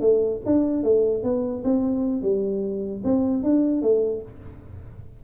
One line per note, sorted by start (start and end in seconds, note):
0.00 0.40 A3
0.45 0.83 D4
0.83 1.23 A3
1.23 1.63 B3
1.63 2.22 C4
2.22 3.02 G3
3.03 3.43 C4
3.43 3.82 D4
3.82 4.22 A3